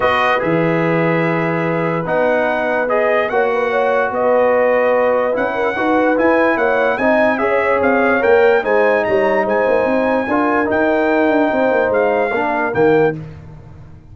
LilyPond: <<
  \new Staff \with { instrumentName = "trumpet" } { \time 4/4 \tempo 4 = 146 dis''4 e''2.~ | e''4 fis''2 dis''4 | fis''2 dis''2~ | dis''4 fis''2 gis''4 |
fis''4 gis''4 e''4 f''4 | g''4 gis''4 ais''4 gis''4~ | gis''2 g''2~ | g''4 f''2 g''4 | }
  \new Staff \with { instrumentName = "horn" } { \time 4/4 b'1~ | b'1 | cis''8 b'8 cis''4 b'2~ | b'4. ais'8 b'2 |
cis''4 dis''4 cis''2~ | cis''4 c''4 cis''4 c''4~ | c''4 ais'2. | c''2 ais'2 | }
  \new Staff \with { instrumentName = "trombone" } { \time 4/4 fis'4 gis'2.~ | gis'4 dis'2 gis'4 | fis'1~ | fis'4 e'4 fis'4 e'4~ |
e'4 dis'4 gis'2 | ais'4 dis'2.~ | dis'4 f'4 dis'2~ | dis'2 d'4 ais4 | }
  \new Staff \with { instrumentName = "tuba" } { \time 4/4 b4 e2.~ | e4 b2. | ais2 b2~ | b4 cis'4 dis'4 e'4 |
ais4 c'4 cis'4 c'4 | ais4 gis4 g4 gis8 ais8 | c'4 d'4 dis'4. d'8 | c'8 ais8 gis4 ais4 dis4 | }
>>